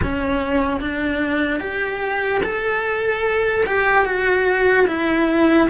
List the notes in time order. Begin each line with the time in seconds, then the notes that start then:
0.02 C#4
0.80 D4
1.60 G4
2.43 A4
3.66 G4
4.05 F#4
4.87 E4